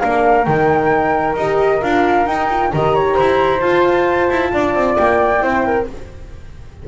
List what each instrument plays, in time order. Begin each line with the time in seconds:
0.00 double bass A#3, horn D4, flute A#4 F5
0.45 double bass D#3, horn D#4, flute G5
1.36 double bass D#4, horn G4, flute D#5
1.82 double bass D4, horn F4, flute F5
2.27 double bass D#4, horn D#4, flute G5
2.51 horn F4
2.72 double bass D#3, horn G4, flute D#5 A#5
2.95 flute C#5
3.15 double bass E4, flute C5
3.60 horn F4, double bass F4, flute A5
4.30 double bass E4
4.54 double bass D4, flute D5
4.75 double bass C4
4.98 double bass A#3, flute G5
5.39 double bass C4, horn E4, flute C5
5.66 flute A#4